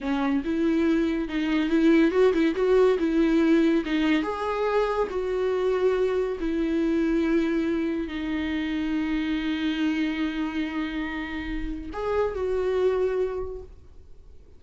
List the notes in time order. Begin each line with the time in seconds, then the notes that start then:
0.00 C#4
0.44 E4
1.28 D#4
1.69 E4
2.11 F#4
2.33 E4
2.55 F#4
2.98 E4
3.85 D#4
4.22 G#4
5.10 F#4
6.39 E4
8.07 D#4
11.92 G#4
12.34 F#4